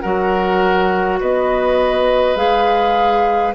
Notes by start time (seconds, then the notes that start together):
0.00 F#3 F#4 A#4 F#5
1.19 B3 B4 D#5
2.35 G#3 G#4 F5